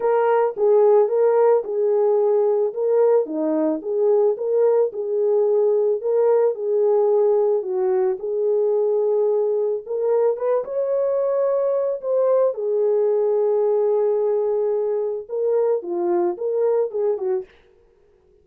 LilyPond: \new Staff \with { instrumentName = "horn" } { \time 4/4 \tempo 4 = 110 ais'4 gis'4 ais'4 gis'4~ | gis'4 ais'4 dis'4 gis'4 | ais'4 gis'2 ais'4 | gis'2 fis'4 gis'4~ |
gis'2 ais'4 b'8 cis''8~ | cis''2 c''4 gis'4~ | gis'1 | ais'4 f'4 ais'4 gis'8 fis'8 | }